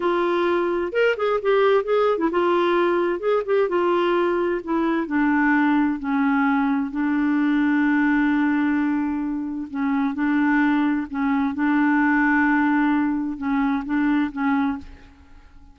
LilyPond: \new Staff \with { instrumentName = "clarinet" } { \time 4/4 \tempo 4 = 130 f'2 ais'8 gis'8 g'4 | gis'8. e'16 f'2 gis'8 g'8 | f'2 e'4 d'4~ | d'4 cis'2 d'4~ |
d'1~ | d'4 cis'4 d'2 | cis'4 d'2.~ | d'4 cis'4 d'4 cis'4 | }